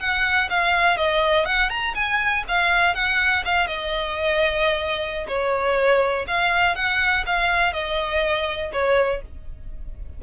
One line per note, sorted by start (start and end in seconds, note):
0.00 0.49 F#5
0.50 0.97 F5
0.97 1.46 D#5
1.46 1.70 F#5
1.70 1.94 A#5
1.95 2.44 G#5
2.48 2.95 F5
2.95 3.44 F#5
3.45 3.68 F5
3.68 5.27 D#5
5.28 6.26 C#5
6.28 6.76 F5
6.76 7.25 F#5
7.27 7.73 F5
7.73 8.72 D#5
8.73 9.22 C#5